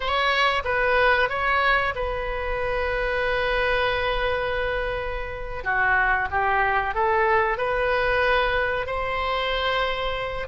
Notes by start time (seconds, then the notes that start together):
0.00 C#5
0.64 B4
1.29 C#5
1.95 B4
5.63 F#4
6.30 G4
6.94 A4
7.57 B4
8.86 C5